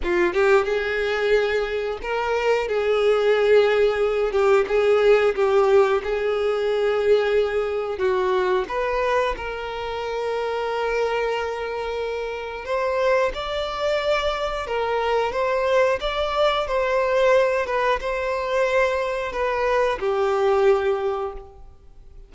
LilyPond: \new Staff \with { instrumentName = "violin" } { \time 4/4 \tempo 4 = 90 f'8 g'8 gis'2 ais'4 | gis'2~ gis'8 g'8 gis'4 | g'4 gis'2. | fis'4 b'4 ais'2~ |
ais'2. c''4 | d''2 ais'4 c''4 | d''4 c''4. b'8 c''4~ | c''4 b'4 g'2 | }